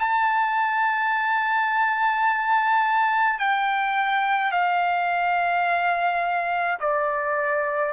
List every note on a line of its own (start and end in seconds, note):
0.00 3.40 A5
3.40 4.52 G5
4.52 6.78 F5
6.80 7.93 D5